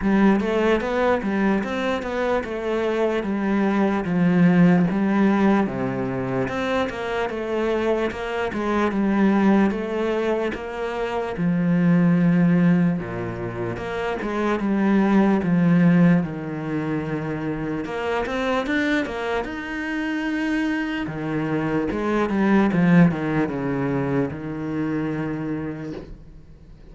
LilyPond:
\new Staff \with { instrumentName = "cello" } { \time 4/4 \tempo 4 = 74 g8 a8 b8 g8 c'8 b8 a4 | g4 f4 g4 c4 | c'8 ais8 a4 ais8 gis8 g4 | a4 ais4 f2 |
ais,4 ais8 gis8 g4 f4 | dis2 ais8 c'8 d'8 ais8 | dis'2 dis4 gis8 g8 | f8 dis8 cis4 dis2 | }